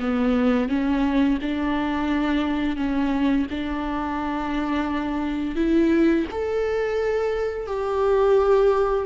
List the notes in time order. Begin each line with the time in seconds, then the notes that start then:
0.00 B3
0.69 C#4
1.42 D4
2.77 C#4
3.50 D4
5.56 E4
6.31 A4
7.67 G4